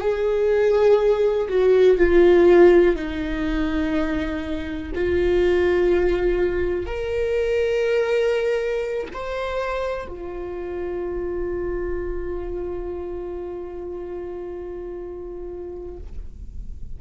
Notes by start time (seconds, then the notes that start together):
0.00 G#4
1.48 F#4
1.97 F4
2.96 D#4
4.94 F4
6.86 A#4
9.13 C5
10.07 F4